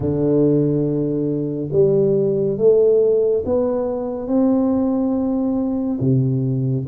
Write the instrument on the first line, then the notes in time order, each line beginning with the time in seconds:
tuba
0.00 D3
1.72 G3
2.57 A3
3.45 B3
4.27 C4
6.00 C3